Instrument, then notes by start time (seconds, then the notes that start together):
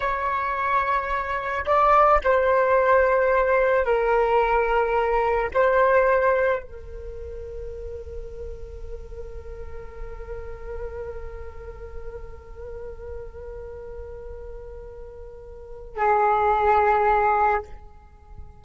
flute
0.00 C#5
1.65 D5
2.24 C5
3.85 A#4
5.53 C5
6.62 A#4
15.96 G#4